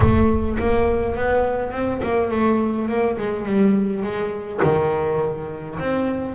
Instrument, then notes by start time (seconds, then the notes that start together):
double bass
0.00 A3
0.58 A#3
1.15 B3
1.72 C4
2.02 A#3
2.31 A3
2.88 A#3
3.17 G#3
3.45 G3
4.02 G#3
4.63 D#3
5.79 C4